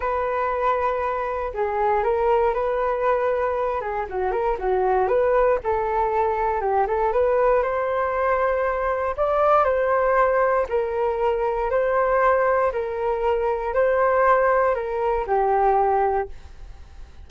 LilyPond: \new Staff \with { instrumentName = "flute" } { \time 4/4 \tempo 4 = 118 b'2. gis'4 | ais'4 b'2~ b'8 gis'8 | fis'8 ais'8 fis'4 b'4 a'4~ | a'4 g'8 a'8 b'4 c''4~ |
c''2 d''4 c''4~ | c''4 ais'2 c''4~ | c''4 ais'2 c''4~ | c''4 ais'4 g'2 | }